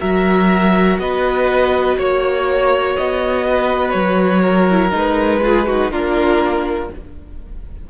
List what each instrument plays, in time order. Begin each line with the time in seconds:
0.00 cello F#3, viola F#4, violin A#4 E5
0.99 cello B3, violin B4 D#5
1.98 cello A#3, violin C#5
2.97 cello B3, violin D#5
3.51 violin B4
3.91 cello F#3, violin C#5
4.42 violin A#4
4.70 viola E4
4.91 cello G#3, viola D#4, violin B4
5.42 viola F4, violin G#4
5.67 viola D#4, violin F#4
5.91 cello A#3, viola D4, violin F4 A#4